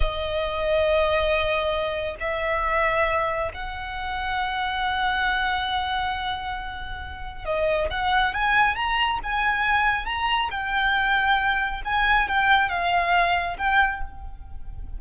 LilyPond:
\new Staff \with { instrumentName = "violin" } { \time 4/4 \tempo 4 = 137 dis''1~ | dis''4 e''2. | fis''1~ | fis''1~ |
fis''4 dis''4 fis''4 gis''4 | ais''4 gis''2 ais''4 | g''2. gis''4 | g''4 f''2 g''4 | }